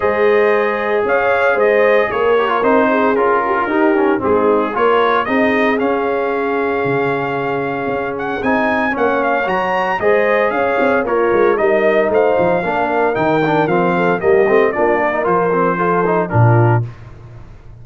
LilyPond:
<<
  \new Staff \with { instrumentName = "trumpet" } { \time 4/4 \tempo 4 = 114 dis''2 f''4 dis''4 | cis''4 c''4 ais'2 | gis'4 cis''4 dis''4 f''4~ | f''2.~ f''8 fis''8 |
gis''4 fis''8 f''8 ais''4 dis''4 | f''4 cis''4 dis''4 f''4~ | f''4 g''4 f''4 dis''4 | d''4 c''2 ais'4 | }
  \new Staff \with { instrumentName = "horn" } { \time 4/4 c''2 cis''4 c''4 | ais'4. gis'4 g'16 f'16 g'4 | dis'4 ais'4 gis'2~ | gis'1~ |
gis'4 cis''2 c''4 | cis''4 f'4 ais'4 c''4 | ais'2~ ais'8 a'8 g'4 | f'8 ais'4. a'4 f'4 | }
  \new Staff \with { instrumentName = "trombone" } { \time 4/4 gis'1~ | gis'8 g'16 f'16 dis'4 f'4 dis'8 cis'8 | c'4 f'4 dis'4 cis'4~ | cis'1 |
dis'4 cis'4 fis'4 gis'4~ | gis'4 ais'4 dis'2 | d'4 dis'8 d'8 c'4 ais8 c'8 | d'8. dis'16 f'8 c'8 f'8 dis'8 d'4 | }
  \new Staff \with { instrumentName = "tuba" } { \time 4/4 gis2 cis'4 gis4 | ais4 c'4 cis'4 dis'4 | gis4 ais4 c'4 cis'4~ | cis'4 cis2 cis'4 |
c'4 ais4 fis4 gis4 | cis'8 c'8 ais8 gis8 g4 a8 f8 | ais4 dis4 f4 g8 a8 | ais4 f2 ais,4 | }
>>